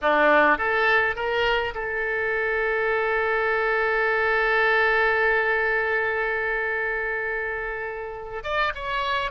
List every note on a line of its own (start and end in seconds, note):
0.01 0.57 D4
0.57 1.15 A4
1.15 1.73 A#4
1.74 8.43 A4
8.43 8.72 D5
8.75 9.31 C#5